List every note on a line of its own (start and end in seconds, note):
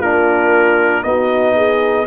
0.00 1.03 A#3
0.00 1.04 D4
0.00 1.04 F4
0.00 1.03 A#4
1.03 2.06 B3
1.03 2.06 D#4
1.03 1.55 F#4
1.03 2.06 D#5
1.55 2.06 G#4